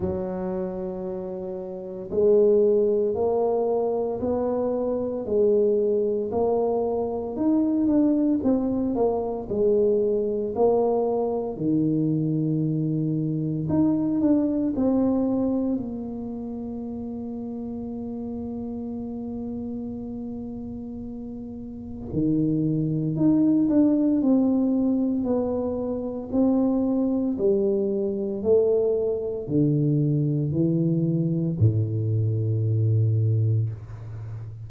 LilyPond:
\new Staff \with { instrumentName = "tuba" } { \time 4/4 \tempo 4 = 57 fis2 gis4 ais4 | b4 gis4 ais4 dis'8 d'8 | c'8 ais8 gis4 ais4 dis4~ | dis4 dis'8 d'8 c'4 ais4~ |
ais1~ | ais4 dis4 dis'8 d'8 c'4 | b4 c'4 g4 a4 | d4 e4 a,2 | }